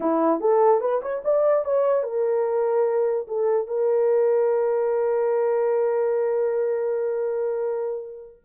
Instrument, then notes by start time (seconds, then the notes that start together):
horn
0.00 E4
0.40 A4
0.80 B4
1.02 C#5
1.24 D5
1.64 C#5
2.03 A#4
3.27 A4
3.67 A#4